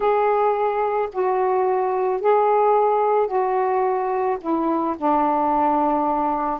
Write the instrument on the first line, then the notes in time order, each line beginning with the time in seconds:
saxophone
0.00 G#4
1.12 F#4
2.20 G#4
3.27 F#4
4.41 E4
4.97 D4